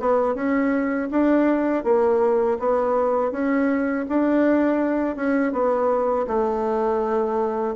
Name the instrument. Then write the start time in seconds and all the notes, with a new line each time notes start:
bassoon
0.00 B3
0.35 C#4
1.11 D4
1.84 A#3
2.59 B3
3.32 C#4
4.09 D4
5.16 C#4
5.53 B3
6.27 A3